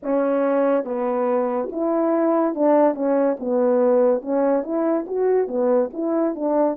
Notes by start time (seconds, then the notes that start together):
0.02 C#4
0.84 B3
1.71 E4
2.55 D4
2.94 C#4
3.39 B3
4.21 C#4
4.62 E4
5.06 F#4
5.47 B3
5.93 E4
6.35 D4